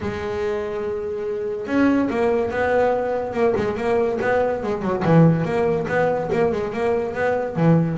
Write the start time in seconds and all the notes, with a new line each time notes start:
0.00 G#3
1.66 C#4
2.10 A#3
2.50 B3
3.33 A#3
3.56 G#3
3.76 A#3
4.21 B3
4.63 G#3
4.82 F#3
5.05 E3
5.44 A#3
5.88 B3
6.32 A#3
6.52 G#3
6.73 A#3
7.14 B3
7.55 E3